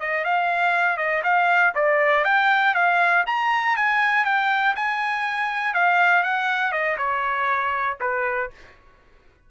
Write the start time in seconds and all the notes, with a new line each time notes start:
0.00 D#5
0.24 F5
0.97 D#5
1.23 F5
1.75 D5
2.24 G5
2.75 F5
3.26 A#5
3.76 G#5
4.25 G5
4.75 G#5
5.74 F5
6.23 F#5
6.72 D#5
6.98 C#5
8.00 B4